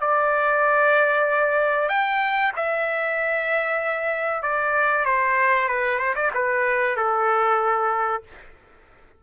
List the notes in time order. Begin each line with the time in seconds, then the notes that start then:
0.00 D5
1.88 G5
2.56 E5
4.42 D5
5.05 C5
5.68 B4
5.98 C5
6.15 D5
6.34 B4
6.96 A4